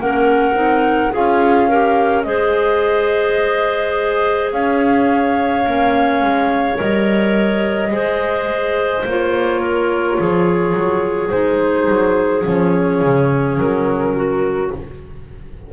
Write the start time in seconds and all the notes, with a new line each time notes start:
0.00 A#3 C#4 A#4 F#5
0.53 C4 D#4
1.12 C#4 F4 G#4 F5
1.68 G4 A#4
2.23 G#3 G#4 C5 D#5
4.52 C#4 C#5 F5
5.67 A#3 C#4
6.23 G#3
6.75 G3 A#4 D#5
7.91 G#3 G#4 C5
9.05 A#3 F4 C#5
9.60 A#4
10.19 F3 G#4
10.74 F#3
11.30 G#3 D#4 C5
11.88 F#3
12.43 F3 C#4 C#5
13.02 C#3
13.58 F#3 A#4
14.16 F#4